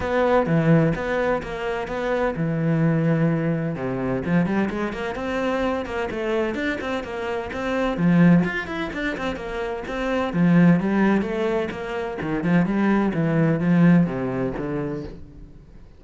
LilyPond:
\new Staff \with { instrumentName = "cello" } { \time 4/4 \tempo 4 = 128 b4 e4 b4 ais4 | b4 e2. | c4 f8 g8 gis8 ais8 c'4~ | c'8 ais8 a4 d'8 c'8 ais4 |
c'4 f4 f'8 e'8 d'8 c'8 | ais4 c'4 f4 g4 | a4 ais4 dis8 f8 g4 | e4 f4 c4 d4 | }